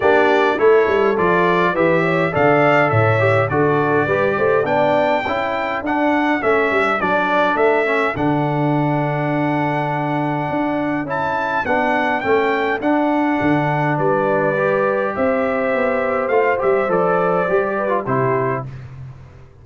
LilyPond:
<<
  \new Staff \with { instrumentName = "trumpet" } { \time 4/4 \tempo 4 = 103 d''4 cis''4 d''4 e''4 | f''4 e''4 d''2 | g''2 fis''4 e''4 | d''4 e''4 fis''2~ |
fis''2. a''4 | fis''4 g''4 fis''2 | d''2 e''2 | f''8 e''8 d''2 c''4 | }
  \new Staff \with { instrumentName = "horn" } { \time 4/4 g'4 a'2 b'8 cis''8 | d''4 cis''4 a'4 b'8 c''8 | d''4 a'2.~ | a'1~ |
a'1~ | a'1 | b'2 c''2~ | c''2~ c''8 b'8 g'4 | }
  \new Staff \with { instrumentName = "trombone" } { \time 4/4 d'4 e'4 f'4 g'4 | a'4. g'8 fis'4 g'4 | d'4 e'4 d'4 cis'4 | d'4. cis'8 d'2~ |
d'2. e'4 | d'4 cis'4 d'2~ | d'4 g'2. | f'8 g'8 a'4 g'8. f'16 e'4 | }
  \new Staff \with { instrumentName = "tuba" } { \time 4/4 ais4 a8 g8 f4 e4 | d4 a,4 d4 g8 a8 | b4 cis'4 d'4 a8 g8 | fis4 a4 d2~ |
d2 d'4 cis'4 | b4 a4 d'4 d4 | g2 c'4 b4 | a8 g8 f4 g4 c4 | }
>>